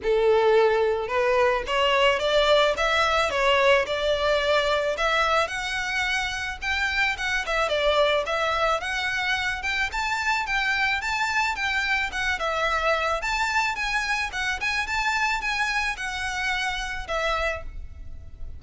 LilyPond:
\new Staff \with { instrumentName = "violin" } { \time 4/4 \tempo 4 = 109 a'2 b'4 cis''4 | d''4 e''4 cis''4 d''4~ | d''4 e''4 fis''2 | g''4 fis''8 e''8 d''4 e''4 |
fis''4. g''8 a''4 g''4 | a''4 g''4 fis''8 e''4. | a''4 gis''4 fis''8 gis''8 a''4 | gis''4 fis''2 e''4 | }